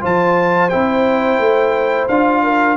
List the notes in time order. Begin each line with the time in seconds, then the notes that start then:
0.00 F3 F4 C5 A5
0.69 C4 E4 G5
1.38 A3
2.08 D4 F4 F5
2.43 A#4